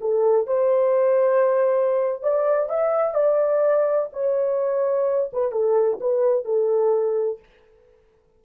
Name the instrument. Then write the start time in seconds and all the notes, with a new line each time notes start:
horn
0.00 A4
0.47 C5
2.22 D5
2.69 E5
3.14 D5
4.12 C#5
5.33 B4
5.51 A4
6.00 B4
6.45 A4